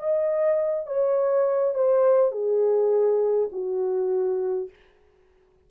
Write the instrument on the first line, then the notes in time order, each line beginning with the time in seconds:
horn
0.00 D#5
0.87 C#5
1.75 C5
2.32 G#4
3.52 F#4